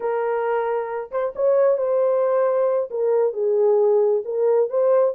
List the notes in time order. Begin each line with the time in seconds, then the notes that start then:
0.00 A#4
1.11 C5
1.35 C#5
1.77 C5
2.90 A#4
3.33 G#4
4.24 A#4
4.69 C5